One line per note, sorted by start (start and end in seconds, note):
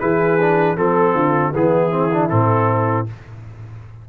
0.00 0.78 E3
0.00 0.39 E4
0.00 0.77 G#4
0.00 0.77 B4
0.40 0.76 D4
0.76 1.14 F3
0.76 1.53 C4
0.76 1.14 A4
0.76 1.54 A4
1.14 1.53 D3
1.14 1.52 F4
1.54 2.31 E3
1.54 1.91 B3
1.54 3.09 E4
1.54 2.29 G#4
1.91 2.10 C4
2.13 2.30 D4
2.29 3.08 A2
2.29 3.07 C4
2.29 3.06 A4